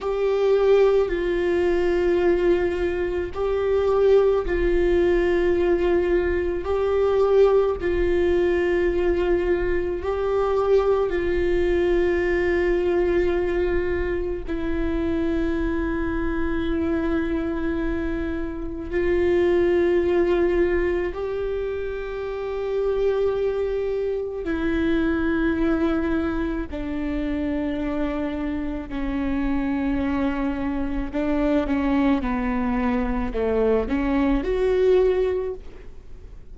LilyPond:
\new Staff \with { instrumentName = "viola" } { \time 4/4 \tempo 4 = 54 g'4 f'2 g'4 | f'2 g'4 f'4~ | f'4 g'4 f'2~ | f'4 e'2.~ |
e'4 f'2 g'4~ | g'2 e'2 | d'2 cis'2 | d'8 cis'8 b4 a8 cis'8 fis'4 | }